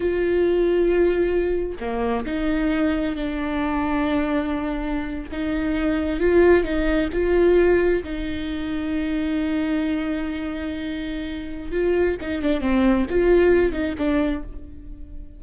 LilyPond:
\new Staff \with { instrumentName = "viola" } { \time 4/4 \tempo 4 = 133 f'1 | ais4 dis'2 d'4~ | d'2.~ d'8. dis'16~ | dis'4.~ dis'16 f'4 dis'4 f'16~ |
f'4.~ f'16 dis'2~ dis'16~ | dis'1~ | dis'2 f'4 dis'8 d'8 | c'4 f'4. dis'8 d'4 | }